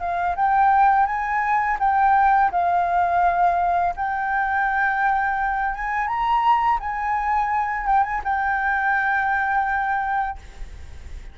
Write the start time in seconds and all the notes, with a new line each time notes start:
0.00 F5
0.36 G5
1.06 G#5
1.80 G5
2.52 F5
3.96 G5
5.75 G#5
6.07 A#5
6.80 G#5
7.86 G5
8.04 G#5
8.24 G5